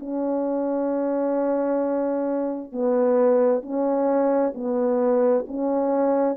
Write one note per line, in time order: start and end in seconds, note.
0.00 2.72 C#4
2.72 3.62 B3
3.62 4.53 C#4
4.55 5.45 B3
5.47 6.36 C#4